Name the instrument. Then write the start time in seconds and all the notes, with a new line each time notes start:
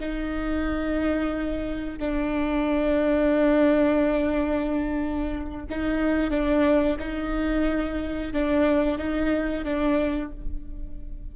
viola
0.00 D#4
1.99 D4
5.71 D#4
6.31 D4
7.00 D#4
8.33 D4
8.99 D#4
9.65 D4